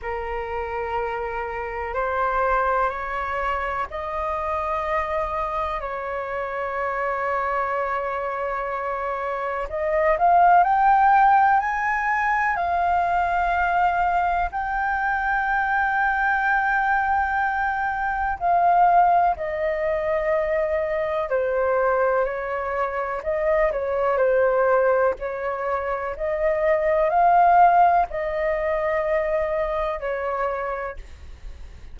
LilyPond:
\new Staff \with { instrumentName = "flute" } { \time 4/4 \tempo 4 = 62 ais'2 c''4 cis''4 | dis''2 cis''2~ | cis''2 dis''8 f''8 g''4 | gis''4 f''2 g''4~ |
g''2. f''4 | dis''2 c''4 cis''4 | dis''8 cis''8 c''4 cis''4 dis''4 | f''4 dis''2 cis''4 | }